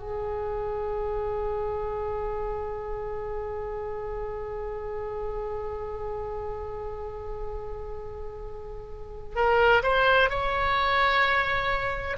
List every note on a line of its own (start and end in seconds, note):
0.00 9.36 G#4
9.36 9.83 A#4
9.83 10.30 C5
10.30 12.17 C#5